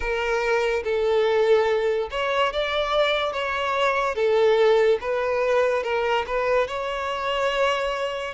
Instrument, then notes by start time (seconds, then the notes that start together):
violin
0.00 A#4
0.84 A4
2.11 C#5
2.52 D5
3.33 C#5
4.15 A4
5.00 B4
5.83 A#4
6.26 B4
6.67 C#5